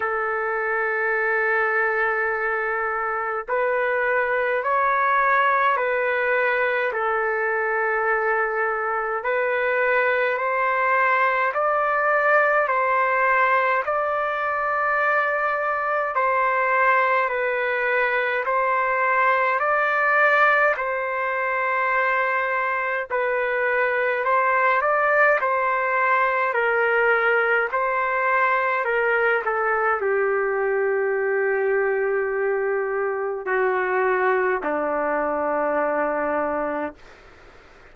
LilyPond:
\new Staff \with { instrumentName = "trumpet" } { \time 4/4 \tempo 4 = 52 a'2. b'4 | cis''4 b'4 a'2 | b'4 c''4 d''4 c''4 | d''2 c''4 b'4 |
c''4 d''4 c''2 | b'4 c''8 d''8 c''4 ais'4 | c''4 ais'8 a'8 g'2~ | g'4 fis'4 d'2 | }